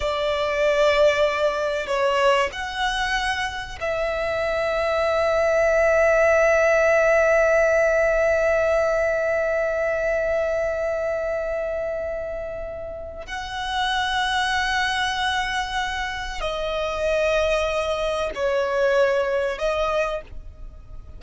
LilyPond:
\new Staff \with { instrumentName = "violin" } { \time 4/4 \tempo 4 = 95 d''2. cis''4 | fis''2 e''2~ | e''1~ | e''1~ |
e''1~ | e''4 fis''2.~ | fis''2 dis''2~ | dis''4 cis''2 dis''4 | }